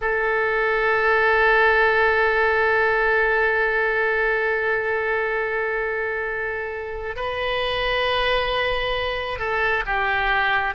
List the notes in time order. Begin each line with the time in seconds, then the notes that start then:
0.01 A4
7.16 B4
9.38 A4
9.85 G4